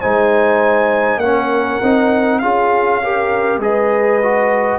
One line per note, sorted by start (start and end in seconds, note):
0.00 1.17 G#3
0.00 1.22 D#4
0.00 1.20 C5
0.00 1.20 G#5
1.17 1.77 A#3
1.17 1.82 C#4
1.17 2.42 A#4
1.17 2.39 F#5
1.82 2.42 C4
1.82 2.42 D#4
2.39 3.58 C#4
2.39 3.02 F4
2.39 3.02 G#4
2.39 3.59 F5
3.02 3.61 G4
3.02 3.62 A#4
3.58 4.78 G#3
3.58 4.21 G#4
3.58 4.79 B4
3.58 4.79 D#5
4.22 4.79 F#4